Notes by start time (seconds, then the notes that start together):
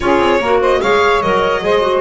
0.00 C#4 F4 G#4 C#5
0.18 C4
0.39 A#3 F#4 A#4
0.60 C5 D#5
0.81 G#3 G#4 C#5 F5
1.22 F#3 A#4 D#5
1.61 G#3 G#4 C5
1.81 F#4